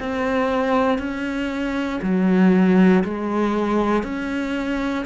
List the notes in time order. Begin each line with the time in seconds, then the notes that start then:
0.00 C4
0.99 C#4
2.02 F#3
3.05 G#3
4.04 C#4